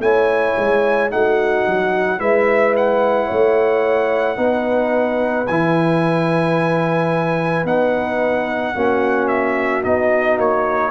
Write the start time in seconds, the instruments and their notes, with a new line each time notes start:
0.00 tuba A3, trombone E4, horn C#5, trumpet G#5
0.58 tuba G#3
1.11 tuba A3, trombone D#4, horn F#4, trumpet F#5
1.68 tuba F#3
2.19 tuba G#3, trombone E4, horn B4, trumpet E5
2.77 trumpet F#5
3.27 tuba A3, horn C#5
4.37 tuba B3, trombone D#4, horn B4
5.47 tuba E3, trombone E4, trumpet G#5
7.65 tuba B3, trombone D#4, trumpet F#5
8.75 tuba A#3, trombone C#4, horn F#4
9.28 trumpet E5
9.84 tuba B3, trombone D#4, trumpet D#5
10.38 tuba A#3, trumpet C#5